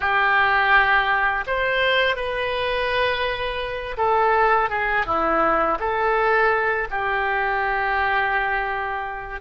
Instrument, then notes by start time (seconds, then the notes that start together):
oboe
0.00 G4
1.46 C5
2.16 B4
3.97 A4
4.69 G#4
5.06 E4
5.79 A4
6.90 G4